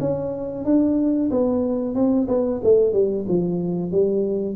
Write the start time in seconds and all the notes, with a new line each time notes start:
0.00 C#4
0.65 D4
1.31 B3
1.95 C4
2.28 B3
2.64 A3
2.93 G3
3.28 F3
3.91 G3